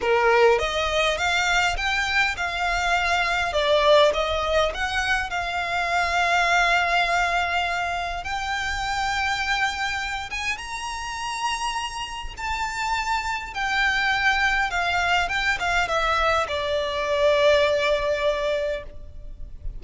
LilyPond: \new Staff \with { instrumentName = "violin" } { \time 4/4 \tempo 4 = 102 ais'4 dis''4 f''4 g''4 | f''2 d''4 dis''4 | fis''4 f''2.~ | f''2 g''2~ |
g''4. gis''8 ais''2~ | ais''4 a''2 g''4~ | g''4 f''4 g''8 f''8 e''4 | d''1 | }